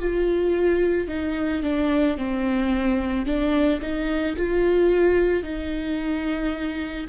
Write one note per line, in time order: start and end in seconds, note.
0.00 1.09 F4
1.09 1.63 D#4
1.63 2.18 D4
2.18 3.26 C4
3.26 3.81 D4
3.82 4.36 D#4
4.37 5.43 F4
5.43 7.07 D#4